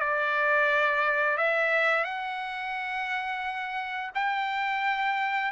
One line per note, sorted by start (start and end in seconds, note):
0.00 1.38 D5
1.38 2.04 E5
2.04 4.11 F#5
4.14 5.51 G5